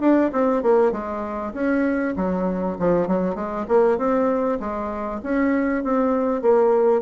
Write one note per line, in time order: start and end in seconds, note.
0.00 0.31 D4
0.32 0.62 C4
0.62 0.92 A#3
0.92 1.53 G#3
1.53 2.14 C#4
2.16 2.77 F#3
2.79 3.07 F3
3.07 3.35 F#3
3.35 3.65 G#3
3.68 3.98 A#3
3.98 4.59 C4
4.60 5.21 G#3
5.23 5.84 C#4
5.84 6.42 C4
6.42 7.02 A#3